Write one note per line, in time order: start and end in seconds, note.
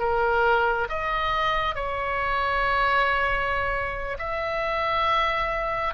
0.00 0.88 A#4
0.90 1.75 D#5
1.75 4.18 C#5
4.19 5.95 E5